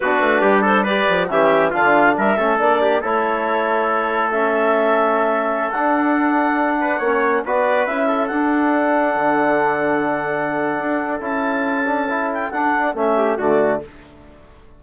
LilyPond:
<<
  \new Staff \with { instrumentName = "clarinet" } { \time 4/4 \tempo 4 = 139 b'4. c''8 d''4 e''4 | f''4 e''4 d''4 cis''4~ | cis''2 e''2~ | e''4~ e''16 fis''2~ fis''8.~ |
fis''4~ fis''16 d''4 e''4 fis''8.~ | fis''1~ | fis''2 a''2~ | a''8 g''8 fis''4 e''4 d''4 | }
  \new Staff \with { instrumentName = "trumpet" } { \time 4/4 fis'4 g'8 a'8 b'4 g'4 | f'4 ais'8 a'4 g'8 a'4~ | a'1~ | a'2.~ a'8. b'16~ |
b'16 cis''4 b'4. a'4~ a'16~ | a'1~ | a'1~ | a'2~ a'8 g'8 fis'4 | }
  \new Staff \with { instrumentName = "trombone" } { \time 4/4 d'2 g'4 cis'4 | d'4. cis'8 d'4 e'4~ | e'2 cis'2~ | cis'4~ cis'16 d'2~ d'8.~ |
d'16 cis'4 fis'4 e'4 d'8.~ | d'1~ | d'2 e'4. d'8 | e'4 d'4 cis'4 a4 | }
  \new Staff \with { instrumentName = "bassoon" } { \time 4/4 b8 a8 g4. f8 e4 | d4 g8 a8 ais4 a4~ | a1~ | a4~ a16 d'2~ d'8.~ |
d'16 ais4 b4 cis'4 d'8.~ | d'4~ d'16 d2~ d8.~ | d4 d'4 cis'2~ | cis'4 d'4 a4 d4 | }
>>